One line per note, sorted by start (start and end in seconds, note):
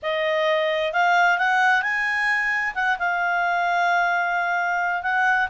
0.02 0.92 D#5
0.92 1.38 F5
1.38 1.82 F#5
1.82 2.74 G#5
2.75 2.98 F#5
2.98 5.02 F5
5.02 5.48 F#5